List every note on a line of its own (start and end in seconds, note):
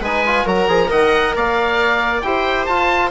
0.00 0.44 G#3
0.00 0.26 D#4
0.00 0.45 B4
0.00 0.48 G#5
0.26 0.47 F4
0.45 0.68 F#3
0.45 0.69 F#4
0.45 0.89 A#4
0.45 0.91 A#5
0.68 0.90 F3
0.68 0.87 G#4
0.87 1.36 D#3
0.87 2.19 A#4
0.87 1.34 D#5
0.87 1.35 F#5
1.36 2.23 A#3
1.36 2.24 D5
1.36 2.22 F5
2.22 2.67 E4
2.22 2.69 G4
2.22 3.11 C5
2.22 2.66 G5
2.66 3.11 F4
2.66 3.10 A5